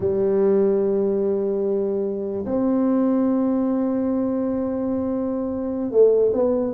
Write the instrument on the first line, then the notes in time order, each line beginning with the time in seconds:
tuba
0.00 G3
2.45 C4
5.91 A3
6.33 B3